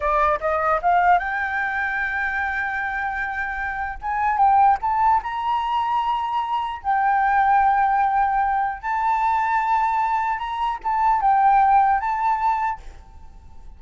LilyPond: \new Staff \with { instrumentName = "flute" } { \time 4/4 \tempo 4 = 150 d''4 dis''4 f''4 g''4~ | g''1~ | g''2 gis''4 g''4 | a''4 ais''2.~ |
ais''4 g''2.~ | g''2 a''2~ | a''2 ais''4 a''4 | g''2 a''2 | }